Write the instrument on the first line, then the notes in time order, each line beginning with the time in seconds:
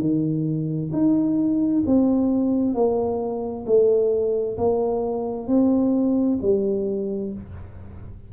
tuba
0.00 D#3
0.92 D#4
1.86 C4
2.74 A#3
3.66 A3
4.57 A#3
5.47 C4
6.41 G3